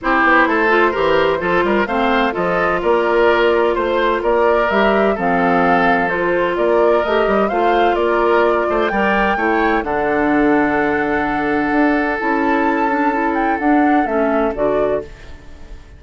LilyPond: <<
  \new Staff \with { instrumentName = "flute" } { \time 4/4 \tempo 4 = 128 c''1 | f''4 dis''4 d''2 | c''4 d''4 e''4 f''4~ | f''4 c''4 d''4 dis''4 |
f''4 d''2 g''4~ | g''4 fis''2.~ | fis''2 a''2~ | a''8 g''8 fis''4 e''4 d''4 | }
  \new Staff \with { instrumentName = "oboe" } { \time 4/4 g'4 a'4 ais'4 a'8 ais'8 | c''4 a'4 ais'2 | c''4 ais'2 a'4~ | a'2 ais'2 |
c''4 ais'4. c''8 d''4 | cis''4 a'2.~ | a'1~ | a'1 | }
  \new Staff \with { instrumentName = "clarinet" } { \time 4/4 e'4. f'8 g'4 f'4 | c'4 f'2.~ | f'2 g'4 c'4~ | c'4 f'2 g'4 |
f'2. ais'4 | e'4 d'2.~ | d'2 e'4. d'8 | e'4 d'4 cis'4 fis'4 | }
  \new Staff \with { instrumentName = "bassoon" } { \time 4/4 c'8 b8 a4 e4 f8 g8 | a4 f4 ais2 | a4 ais4 g4 f4~ | f2 ais4 a8 g8 |
a4 ais4. a8 g4 | a4 d2.~ | d4 d'4 cis'2~ | cis'4 d'4 a4 d4 | }
>>